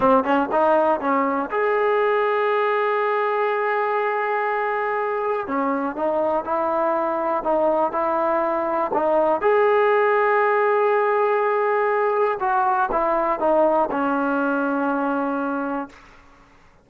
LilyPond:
\new Staff \with { instrumentName = "trombone" } { \time 4/4 \tempo 4 = 121 c'8 cis'8 dis'4 cis'4 gis'4~ | gis'1~ | gis'2. cis'4 | dis'4 e'2 dis'4 |
e'2 dis'4 gis'4~ | gis'1~ | gis'4 fis'4 e'4 dis'4 | cis'1 | }